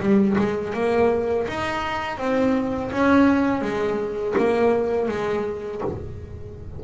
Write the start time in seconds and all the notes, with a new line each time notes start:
0.00 G3
0.38 G#3
0.74 A#3
1.48 D#4
2.18 C4
2.92 C#4
3.62 G#3
4.38 A#3
5.09 G#3